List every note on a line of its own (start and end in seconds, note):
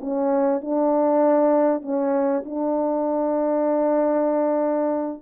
0.00 0.61 C#4
0.61 1.82 D4
1.82 2.43 C#4
2.45 5.22 D4